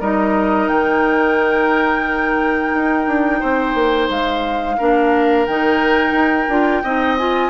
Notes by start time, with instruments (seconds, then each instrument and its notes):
0.00 bassoon G3, clarinet D#4, oboe A#4, flute D#5
0.67 bassoon D#3, flute G5
2.74 bassoon D#4
3.07 bassoon D4
3.40 bassoon C4, oboe C5
3.74 bassoon A#3
4.09 bassoon G#3, flute F5
4.78 bassoon A#3, clarinet D4, oboe A#4
5.45 bassoon D#3, clarinet D#4, flute G5
6.11 bassoon D#4
6.48 bassoon D4, clarinet F4
6.83 bassoon C4, clarinet D#4, oboe D#5
7.17 clarinet F4, flute G#5